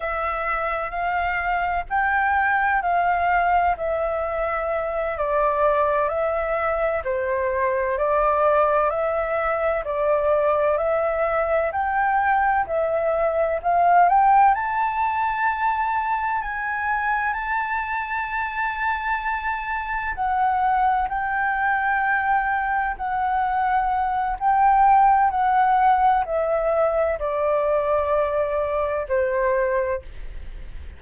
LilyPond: \new Staff \with { instrumentName = "flute" } { \time 4/4 \tempo 4 = 64 e''4 f''4 g''4 f''4 | e''4. d''4 e''4 c''8~ | c''8 d''4 e''4 d''4 e''8~ | e''8 g''4 e''4 f''8 g''8 a''8~ |
a''4. gis''4 a''4.~ | a''4. fis''4 g''4.~ | g''8 fis''4. g''4 fis''4 | e''4 d''2 c''4 | }